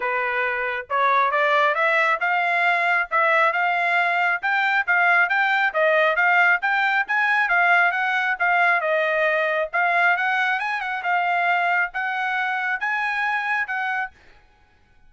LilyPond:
\new Staff \with { instrumentName = "trumpet" } { \time 4/4 \tempo 4 = 136 b'2 cis''4 d''4 | e''4 f''2 e''4 | f''2 g''4 f''4 | g''4 dis''4 f''4 g''4 |
gis''4 f''4 fis''4 f''4 | dis''2 f''4 fis''4 | gis''8 fis''8 f''2 fis''4~ | fis''4 gis''2 fis''4 | }